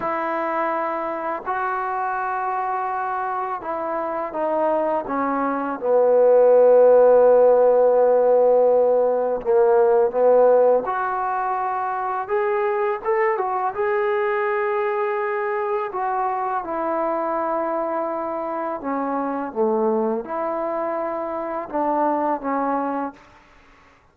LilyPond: \new Staff \with { instrumentName = "trombone" } { \time 4/4 \tempo 4 = 83 e'2 fis'2~ | fis'4 e'4 dis'4 cis'4 | b1~ | b4 ais4 b4 fis'4~ |
fis'4 gis'4 a'8 fis'8 gis'4~ | gis'2 fis'4 e'4~ | e'2 cis'4 a4 | e'2 d'4 cis'4 | }